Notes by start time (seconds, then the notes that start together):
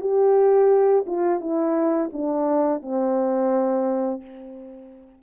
0.00 G4
1.06 F4
1.40 E4
2.12 D4
2.82 C4